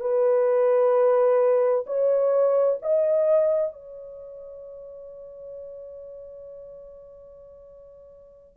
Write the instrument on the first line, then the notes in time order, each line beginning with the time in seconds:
horn
0.00 B4
1.86 C#5
2.82 D#5
3.72 C#5